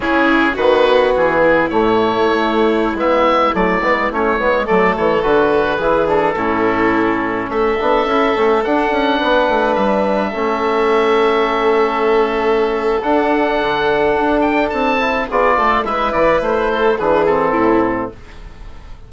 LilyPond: <<
  \new Staff \with { instrumentName = "oboe" } { \time 4/4 \tempo 4 = 106 gis'4 b'4 gis'4 cis''4~ | cis''4~ cis''16 e''4 d''4 cis''8.~ | cis''16 d''8 cis''8 b'4. a'4~ a'16~ | a'4~ a'16 e''2 fis''8.~ |
fis''4~ fis''16 e''2~ e''8.~ | e''2. fis''4~ | fis''4. g''8 a''4 d''4 | e''8 d''8 c''4 b'8 a'4. | }
  \new Staff \with { instrumentName = "violin" } { \time 4/4 e'4 fis'4. e'4.~ | e'1~ | e'16 a'2 gis'4 e'8.~ | e'4~ e'16 a'2~ a'8.~ |
a'16 b'2 a'4.~ a'16~ | a'1~ | a'2. gis'8 a'8 | b'4. a'8 gis'4 e'4 | }
  \new Staff \with { instrumentName = "trombone" } { \time 4/4 cis'4 b2 a4~ | a4~ a16 b4 a8 b8 cis'8 b16~ | b16 a4 fis'4 e'8 d'8 cis'8.~ | cis'4.~ cis'16 d'8 e'8 cis'8 d'8.~ |
d'2~ d'16 cis'4.~ cis'16~ | cis'2. d'4~ | d'2~ d'8 e'8 f'4 | e'2 d'8 c'4. | }
  \new Staff \with { instrumentName = "bassoon" } { \time 4/4 cis4 dis4 e4 a,4 | a4~ a16 gis4 fis8 gis8 a8 gis16~ | gis16 fis8 e8 d4 e4 a,8.~ | a,4~ a,16 a8 b8 cis'8 a8 d'8 cis'16~ |
cis'16 b8 a8 g4 a4.~ a16~ | a2. d'4 | d4 d'4 c'4 b8 a8 | gis8 e8 a4 e4 a,4 | }
>>